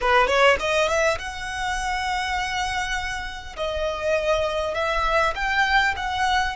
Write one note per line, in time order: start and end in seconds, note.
0.00 0.27 B4
0.27 0.56 C#5
0.59 0.88 D#5
0.88 1.17 E5
1.18 3.55 F#5
3.56 4.74 D#5
4.74 5.33 E5
5.35 5.94 G5
5.96 6.55 F#5